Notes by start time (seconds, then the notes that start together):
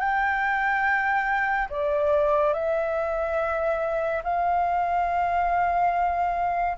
0.00 G5
1.70 D5
2.54 E5
4.24 F5